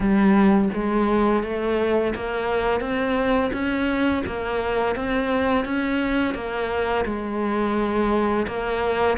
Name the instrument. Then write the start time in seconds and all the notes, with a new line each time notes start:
cello
0.00 G3
0.73 G#3
1.43 A3
2.15 A#3
2.80 C4
3.52 C#4
4.26 A#3
4.95 C4
5.65 C#4
6.34 A#3
7.05 G#3
8.47 A#3